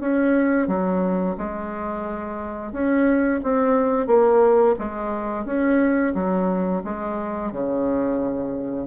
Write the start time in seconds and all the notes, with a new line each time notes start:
0.00 C#4
0.68 F#3
1.38 G#3
2.72 C#4
3.43 C4
4.07 A#3
4.79 G#3
5.45 C#4
6.15 F#3
6.84 G#3
7.52 C#3